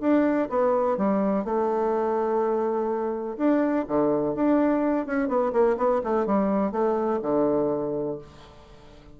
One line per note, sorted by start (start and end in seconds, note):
0.00 0.48 D4
0.49 0.97 B3
0.97 1.44 G3
1.44 3.36 A3
3.37 3.85 D4
3.88 4.34 D3
4.34 5.06 D4
5.06 5.28 C#4
5.28 5.52 B3
5.52 5.76 A#3
5.77 6.01 B3
6.03 6.26 A3
6.26 6.71 G3
6.71 7.19 A3
7.22 8.18 D3